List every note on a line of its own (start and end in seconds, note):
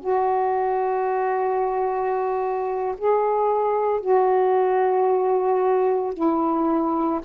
0.00 2.95 F#4
2.98 4.00 G#4
4.00 6.13 F#4
6.13 7.20 E4